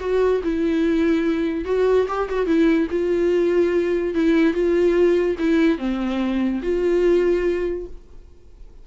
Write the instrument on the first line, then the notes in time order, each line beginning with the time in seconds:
viola
0.00 F#4
0.43 E4
1.65 F#4
2.08 G4
2.29 F#4
2.46 E4
2.90 F4
4.14 E4
4.53 F4
5.38 E4
5.78 C4
6.62 F4